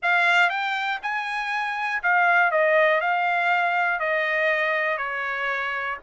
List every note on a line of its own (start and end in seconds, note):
0.02 0.49 F5
0.49 0.99 G5
1.02 2.02 G#5
2.02 2.51 F5
2.51 3.00 D#5
3.00 3.99 F5
3.99 4.97 D#5
4.97 5.97 C#5